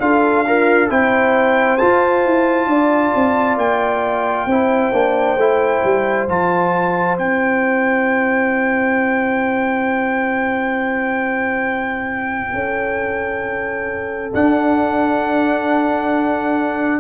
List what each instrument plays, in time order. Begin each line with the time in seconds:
0.00 tuba D4, trombone F4, horn A4, trumpet F5
0.47 horn F4, trombone A#4
0.89 tuba C4, trombone E4, horn C5, trumpet G5
1.78 trombone F4, tuba F4, trumpet A5
2.26 tuba E4
2.67 tuba D4, horn D5
3.15 tuba C4
3.57 tuba A#3, trumpet G5
4.46 tuba C4, trombone E4, horn C5
4.93 tuba A#3, trombone D4
5.37 tuba A3, trombone E4
5.84 tuba G3
6.28 tuba F3, trombone F4, trumpet A5
7.18 tuba C4, trombone E4, trumpet G5
12.53 tuba C#4, horn A4
14.34 trombone D4, tuba D4, trumpet F#5